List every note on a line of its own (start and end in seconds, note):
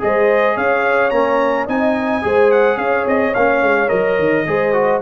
0.00 0.57 G#3
0.00 1.11 G#4
0.00 0.56 C5
0.00 0.57 D#5
0.56 1.12 C#4
0.56 1.67 C#5
0.56 1.11 F5
1.11 1.67 A#3
1.11 1.69 C#4
1.11 1.66 A#5
1.67 2.24 C4
1.67 2.22 D#4
1.67 2.22 D#5
1.67 2.52 G#5
2.22 2.77 G#3
2.22 3.33 G#4
2.22 2.79 C5
2.52 2.78 F#5
2.77 3.05 C#4
2.77 4.45 C#5
2.77 3.06 F5
3.07 3.34 C4
3.07 3.35 D#5
3.35 3.62 A#3
3.35 3.88 C#4
3.35 3.89 F5
3.62 3.90 G#3
3.88 4.19 F#3
3.88 4.44 A#4
3.88 5.00 D#5
4.19 4.47 D#3
4.47 5.02 G#3
4.47 4.73 G#4
4.47 5.02 C5
4.73 5.01 F#4